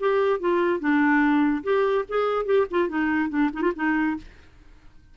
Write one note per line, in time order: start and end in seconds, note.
0.00 0.40 G4
0.40 0.80 F4
0.80 1.63 D4
1.64 2.05 G4
2.09 2.46 G#4
2.46 2.66 G4
2.71 2.89 F4
2.89 3.30 D#4
3.30 3.50 D4
3.53 3.62 D#4
3.62 3.72 F4
3.75 4.17 D#4